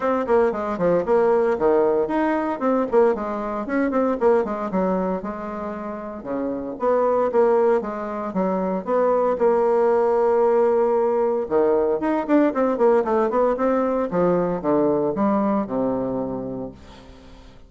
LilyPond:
\new Staff \with { instrumentName = "bassoon" } { \time 4/4 \tempo 4 = 115 c'8 ais8 gis8 f8 ais4 dis4 | dis'4 c'8 ais8 gis4 cis'8 c'8 | ais8 gis8 fis4 gis2 | cis4 b4 ais4 gis4 |
fis4 b4 ais2~ | ais2 dis4 dis'8 d'8 | c'8 ais8 a8 b8 c'4 f4 | d4 g4 c2 | }